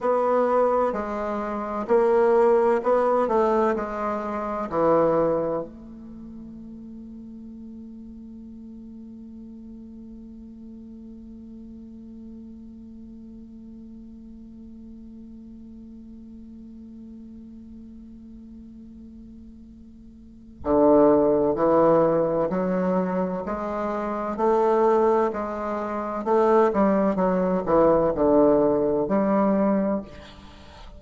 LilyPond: \new Staff \with { instrumentName = "bassoon" } { \time 4/4 \tempo 4 = 64 b4 gis4 ais4 b8 a8 | gis4 e4 a2~ | a1~ | a1~ |
a1~ | a2 d4 e4 | fis4 gis4 a4 gis4 | a8 g8 fis8 e8 d4 g4 | }